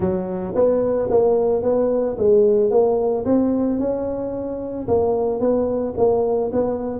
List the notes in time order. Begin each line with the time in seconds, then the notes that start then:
0.00 F#3
0.55 B3
1.10 A#3
1.62 B3
2.17 G#3
2.70 A#3
3.25 C4
3.79 C#4
4.87 A#3
5.40 B3
5.97 A#3
6.52 B3